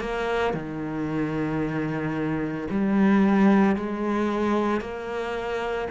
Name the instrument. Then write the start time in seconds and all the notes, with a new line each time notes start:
cello
0.00 A#3
0.54 D#3
2.71 G3
3.76 G#3
4.81 A#3